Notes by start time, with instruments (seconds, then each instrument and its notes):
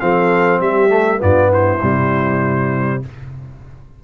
0.00 tuba F3, trombone C4, horn A4, trumpet F5
0.60 tuba G3, horn G4, trumpet E5
0.89 trombone A3
1.18 tuba G2, trombone B3, horn F4, trumpet D5
1.48 horn E4, trumpet C5
1.82 tuba C3, trombone G3